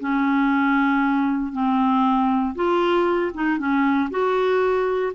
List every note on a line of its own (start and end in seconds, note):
0.00 1.52 C#4
1.52 2.55 C4
2.55 3.32 F4
3.34 3.58 D#4
3.58 4.10 C#4
4.10 5.13 F#4